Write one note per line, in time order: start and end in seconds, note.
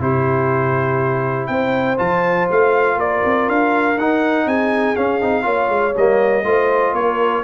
0.00 1.49 C3
0.00 1.97 E4
0.00 1.51 G4
0.00 1.47 C5
1.47 1.98 C4
1.47 2.98 C5
1.47 1.97 G5
1.97 2.49 F3
1.97 3.96 F4
1.97 2.48 A5
2.51 2.96 A3
2.51 3.00 F5
2.96 3.21 A#3
2.96 4.46 A#4
2.96 3.49 D5
3.25 3.48 C4
3.48 3.97 D4
3.48 3.99 F5
3.97 4.46 D#4
3.97 4.96 D#4
3.97 4.48 F#5
4.46 4.96 C4
4.46 5.44 G#4
4.46 4.96 G#5
4.96 5.21 C#4
4.96 5.95 F5
5.21 5.45 C4
5.21 5.43 D#4
5.43 5.69 A#3
5.43 5.92 F4
5.43 6.43 C#5
5.69 5.94 G#3
5.97 6.44 G3
5.97 6.45 A#3
5.97 6.95 D#5
6.44 6.93 A3
6.44 7.44 F4
6.44 6.95 C5
6.93 7.43 A#3
6.93 7.44 A#4
6.93 7.44 C#5